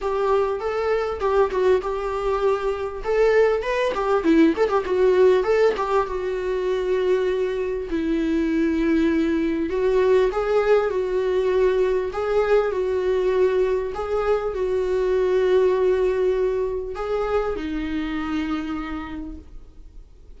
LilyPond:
\new Staff \with { instrumentName = "viola" } { \time 4/4 \tempo 4 = 99 g'4 a'4 g'8 fis'8 g'4~ | g'4 a'4 b'8 g'8 e'8 a'16 g'16 | fis'4 a'8 g'8 fis'2~ | fis'4 e'2. |
fis'4 gis'4 fis'2 | gis'4 fis'2 gis'4 | fis'1 | gis'4 dis'2. | }